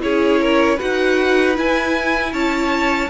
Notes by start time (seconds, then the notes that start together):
0.00 C#4 E4 G#4 C#5
0.41 A#4
0.76 F#4 B4 F#5
0.82 D#4
1.55 E4 G#5
2.33 C#4 C#5 A5